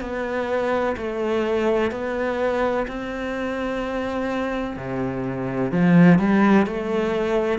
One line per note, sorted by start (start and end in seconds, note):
0.00 0.95 B3
0.96 1.91 A3
1.91 2.86 B3
2.87 4.76 C4
4.76 5.71 C3
5.71 6.19 F3
6.19 6.66 G3
6.66 7.58 A3